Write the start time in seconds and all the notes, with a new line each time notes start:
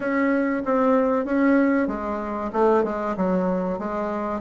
0.00 C#4
0.65 C4
1.25 C#4
1.87 G#3
2.53 A3
2.84 G#3
3.16 F#3
3.78 G#3